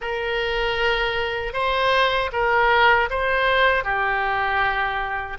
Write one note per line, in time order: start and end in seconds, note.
0.01 1.53 A#4
1.53 2.30 C5
2.32 3.09 A#4
3.10 3.84 C5
3.84 5.37 G4